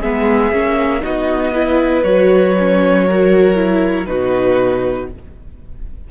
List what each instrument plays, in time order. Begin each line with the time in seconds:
0.00 cello G#3, viola B3, violin G#4 E5
0.53 cello A#3, viola C#4
1.02 cello B3, viola D#4, violin F#4 D#5
1.54 viola E4, violin B4
2.04 cello F#3, viola F#4, violin C#5
2.59 viola C#4
3.06 viola F#4, violin A#4
3.55 viola E4
4.06 cello B2, viola D#4, violin F#4 B4